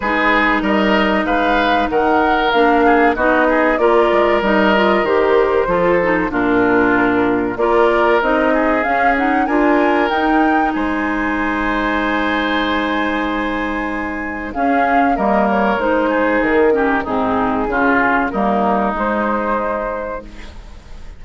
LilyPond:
<<
  \new Staff \with { instrumentName = "flute" } { \time 4/4 \tempo 4 = 95 b'4 dis''4 f''4 fis''4 | f''4 dis''4 d''4 dis''4 | c''2 ais'2 | d''4 dis''4 f''8 fis''8 gis''4 |
g''4 gis''2.~ | gis''2. f''4 | dis''8 cis''8 c''4 ais'4 gis'4~ | gis'4 ais'4 c''2 | }
  \new Staff \with { instrumentName = "oboe" } { \time 4/4 gis'4 ais'4 b'4 ais'4~ | ais'8 gis'8 fis'8 gis'8 ais'2~ | ais'4 a'4 f'2 | ais'4. gis'4. ais'4~ |
ais'4 c''2.~ | c''2. gis'4 | ais'4. gis'4 g'8 dis'4 | f'4 dis'2. | }
  \new Staff \with { instrumentName = "clarinet" } { \time 4/4 dis'1 | d'4 dis'4 f'4 dis'8 f'8 | g'4 f'8 dis'8 d'2 | f'4 dis'4 cis'8 dis'8 f'4 |
dis'1~ | dis'2. cis'4 | ais4 dis'4. cis'8 c'4 | cis'4 ais4 gis2 | }
  \new Staff \with { instrumentName = "bassoon" } { \time 4/4 gis4 g4 gis4 dis4 | ais4 b4 ais8 gis8 g4 | dis4 f4 ais,2 | ais4 c'4 cis'4 d'4 |
dis'4 gis2.~ | gis2. cis'4 | g4 gis4 dis4 gis,4 | cis4 g4 gis2 | }
>>